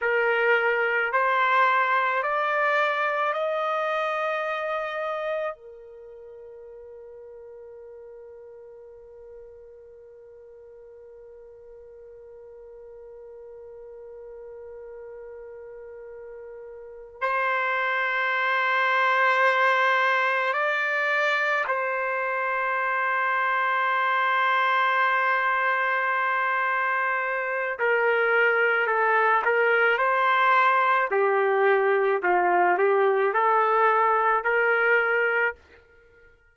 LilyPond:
\new Staff \with { instrumentName = "trumpet" } { \time 4/4 \tempo 4 = 54 ais'4 c''4 d''4 dis''4~ | dis''4 ais'2.~ | ais'1~ | ais'2.~ ais'8 c''8~ |
c''2~ c''8 d''4 c''8~ | c''1~ | c''4 ais'4 a'8 ais'8 c''4 | g'4 f'8 g'8 a'4 ais'4 | }